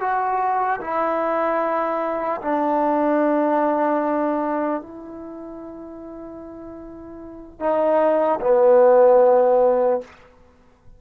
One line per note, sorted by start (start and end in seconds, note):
0.00 0.80 F#4
0.81 2.41 E4
2.41 4.81 D4
4.81 7.60 E4
7.60 8.40 D#4
8.41 10.01 B3